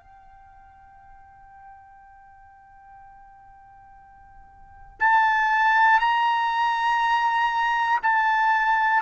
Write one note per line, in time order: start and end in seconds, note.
0.00 5.00 G5
5.00 6.00 A5
6.00 8.00 A#5
8.03 9.03 A5